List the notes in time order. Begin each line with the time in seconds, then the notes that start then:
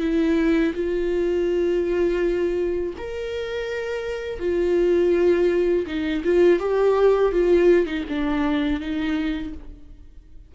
0.00 E4
0.74 F4
2.97 A#4
4.39 F4
5.86 D#4
6.24 F4
6.59 G4
7.32 F4
7.86 D#4
8.09 D4
8.80 D#4